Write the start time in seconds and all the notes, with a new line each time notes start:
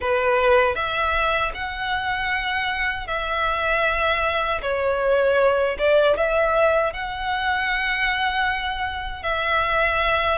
0.00 B4
0.75 E5
1.54 F#5
3.07 E5
4.62 C#5
5.78 D5
6.16 E5
6.93 F#5
9.22 E5